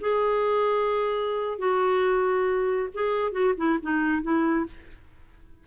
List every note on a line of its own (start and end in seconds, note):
0.00 1.58 G#4
1.58 2.89 F#4
2.94 3.32 G#4
3.32 3.54 F#4
3.57 3.78 E4
3.82 4.22 D#4
4.22 4.66 E4